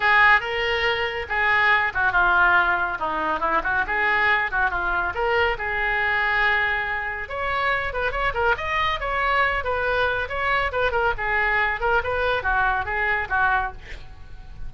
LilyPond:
\new Staff \with { instrumentName = "oboe" } { \time 4/4 \tempo 4 = 140 gis'4 ais'2 gis'4~ | gis'8 fis'8 f'2 dis'4 | e'8 fis'8 gis'4. fis'8 f'4 | ais'4 gis'2.~ |
gis'4 cis''4. b'8 cis''8 ais'8 | dis''4 cis''4. b'4. | cis''4 b'8 ais'8 gis'4. ais'8 | b'4 fis'4 gis'4 fis'4 | }